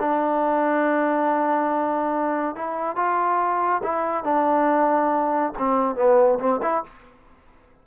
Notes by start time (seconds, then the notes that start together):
0.00 D4
2.56 E4
2.96 F4
3.84 E4
4.24 D4
5.59 C4
5.96 B3
6.39 C4
6.63 E4